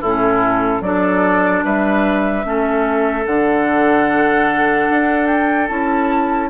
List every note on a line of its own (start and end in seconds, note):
0.00 0.81 A2
0.00 0.83 C#4
0.00 0.81 E4
0.00 0.82 A4
0.81 1.62 F#3
0.81 2.43 D4
0.81 1.64 A4
0.81 1.63 D5
1.63 2.44 G3
1.63 2.45 B4
1.63 3.26 E5
2.43 3.26 A3
2.43 3.24 C#4
2.43 6.49 A4
3.26 4.88 D3
3.26 5.69 D4
3.26 5.26 F#5
4.90 5.69 D4
5.26 5.67 G5
5.68 6.49 C#4
5.68 6.49 E4
5.68 6.49 A5